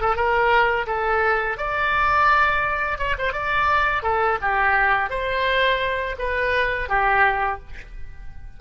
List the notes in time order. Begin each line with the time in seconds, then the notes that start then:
0.00 A4
0.15 A#4
0.86 A4
1.57 D5
2.98 C#5
3.18 C5
3.32 D5
4.02 A4
4.41 G4
5.10 C5
6.18 B4
6.89 G4